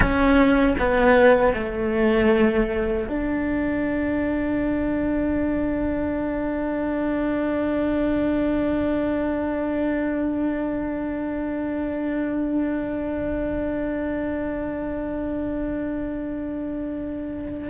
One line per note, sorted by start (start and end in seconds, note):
0.00 0.75 C#4
0.79 1.53 B3
1.53 3.07 A3
3.08 17.69 D4